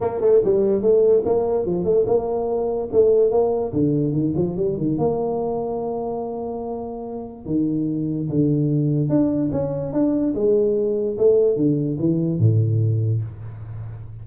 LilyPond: \new Staff \with { instrumentName = "tuba" } { \time 4/4 \tempo 4 = 145 ais8 a8 g4 a4 ais4 | f8 a8 ais2 a4 | ais4 d4 dis8 f8 g8 dis8 | ais1~ |
ais2 dis2 | d2 d'4 cis'4 | d'4 gis2 a4 | d4 e4 a,2 | }